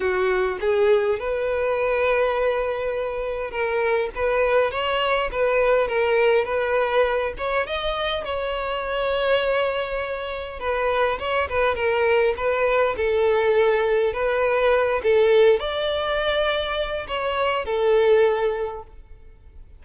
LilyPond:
\new Staff \with { instrumentName = "violin" } { \time 4/4 \tempo 4 = 102 fis'4 gis'4 b'2~ | b'2 ais'4 b'4 | cis''4 b'4 ais'4 b'4~ | b'8 cis''8 dis''4 cis''2~ |
cis''2 b'4 cis''8 b'8 | ais'4 b'4 a'2 | b'4. a'4 d''4.~ | d''4 cis''4 a'2 | }